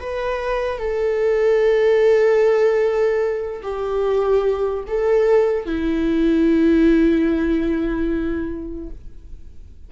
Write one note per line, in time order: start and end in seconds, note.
0.00 0.79 B4
0.79 3.62 A4
3.63 4.84 G4
4.87 5.66 A4
5.66 8.90 E4